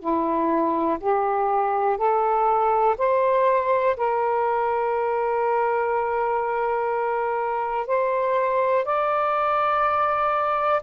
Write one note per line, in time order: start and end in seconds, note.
0.00 0.98 E4
1.00 1.97 G4
1.97 2.96 A4
2.98 3.96 C5
3.97 7.87 A#4
7.87 8.85 C5
8.85 10.82 D5